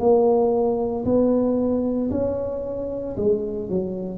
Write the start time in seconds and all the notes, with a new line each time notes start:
0.00 A#3
1.05 B3
2.11 C#4
3.17 G#3
3.70 F#3